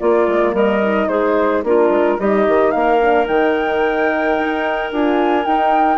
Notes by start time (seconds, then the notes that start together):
0.00 A#3 F4 D5
0.28 G#3
0.53 G3 A#4 D#5
0.83 D#4
1.09 G#3 G#4 C5
1.64 A#3 D4 F4 A#4
1.90 G#3
2.19 G3 D#4 G4 D#5
2.48 D#3
2.71 A#3 A#4 F5
3.01 D4
3.26 D#3 D#4 G5
4.39 D#4
4.92 D4 F4 G#5
5.44 D#4 G5